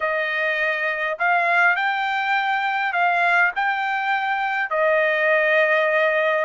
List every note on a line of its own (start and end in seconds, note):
0.00 1.18 D#5
1.18 1.76 F5
1.76 2.92 G5
2.92 3.51 F5
3.55 4.70 G5
4.70 6.45 D#5